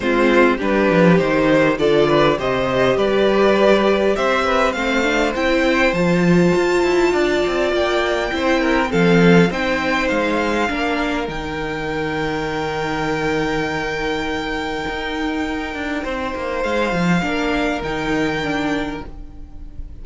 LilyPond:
<<
  \new Staff \with { instrumentName = "violin" } { \time 4/4 \tempo 4 = 101 c''4 b'4 c''4 d''4 | dis''4 d''2 e''4 | f''4 g''4 a''2~ | a''4 g''2 f''4 |
g''4 f''2 g''4~ | g''1~ | g''1 | f''2 g''2 | }
  \new Staff \with { instrumentName = "violin" } { \time 4/4 f'4 g'2 a'8 b'8 | c''4 b'2 c''8 b'8 | c''1 | d''2 c''8 ais'8 a'4 |
c''2 ais'2~ | ais'1~ | ais'2. c''4~ | c''4 ais'2. | }
  \new Staff \with { instrumentName = "viola" } { \time 4/4 c'4 d'4 dis'4 f'4 | g'1 | c'8 d'8 e'4 f'2~ | f'2 e'4 c'4 |
dis'2 d'4 dis'4~ | dis'1~ | dis'1~ | dis'4 d'4 dis'4 d'4 | }
  \new Staff \with { instrumentName = "cello" } { \time 4/4 gis4 g8 f8 dis4 d4 | c4 g2 c'4 | a4 c'4 f4 f'8 e'8 | d'8 c'8 ais4 c'4 f4 |
c'4 gis4 ais4 dis4~ | dis1~ | dis4 dis'4. d'8 c'8 ais8 | gis8 f8 ais4 dis2 | }
>>